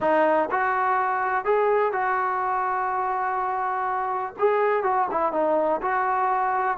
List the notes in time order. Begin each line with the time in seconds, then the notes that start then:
0.00 D#4
0.50 F#4
1.45 G#4
1.92 F#4
4.38 G#4
4.83 F#4
5.11 E4
5.32 D#4
5.81 F#4